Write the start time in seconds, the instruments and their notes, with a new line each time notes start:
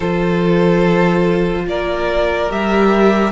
0.00 cello F3, viola F4, violin A4 C5
1.66 cello A#3, violin A#4 D5
2.49 cello G3, viola G4, violin E5